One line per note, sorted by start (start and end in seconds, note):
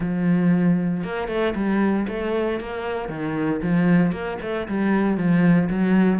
0.00 1.03 F3
1.03 1.28 A#3
1.28 1.54 A3
1.55 2.06 G3
2.08 2.60 A3
2.60 3.08 A#3
3.08 3.60 D#3
3.62 4.11 F3
4.11 4.37 A#3
4.41 4.67 A3
4.68 5.17 G3
5.17 5.68 F3
5.69 6.19 F#3